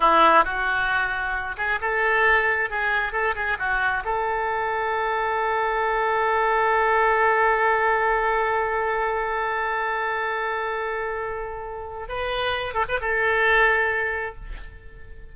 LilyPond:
\new Staff \with { instrumentName = "oboe" } { \time 4/4 \tempo 4 = 134 e'4 fis'2~ fis'8 gis'8 | a'2 gis'4 a'8 gis'8 | fis'4 a'2.~ | a'1~ |
a'1~ | a'1~ | a'2. b'4~ | b'8 a'16 b'16 a'2. | }